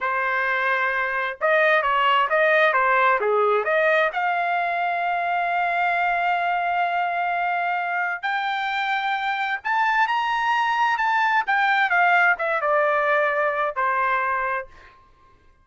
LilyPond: \new Staff \with { instrumentName = "trumpet" } { \time 4/4 \tempo 4 = 131 c''2. dis''4 | cis''4 dis''4 c''4 gis'4 | dis''4 f''2.~ | f''1~ |
f''2 g''2~ | g''4 a''4 ais''2 | a''4 g''4 f''4 e''8 d''8~ | d''2 c''2 | }